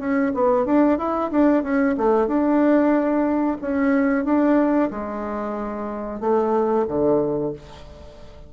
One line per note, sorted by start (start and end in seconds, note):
0.00 0.33 C#4
0.35 0.66 B3
0.66 0.99 D4
0.99 1.31 E4
1.32 1.63 D4
1.63 1.96 C#4
1.98 2.28 A3
2.28 3.58 D4
3.62 4.25 C#4
4.25 4.90 D4
4.91 6.20 G#3
6.20 6.86 A3
6.88 7.54 D3